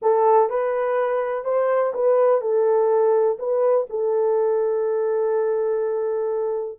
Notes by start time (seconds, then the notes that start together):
0.02 A4
0.49 B4
1.44 C5
1.94 B4
2.41 A4
3.38 B4
3.89 A4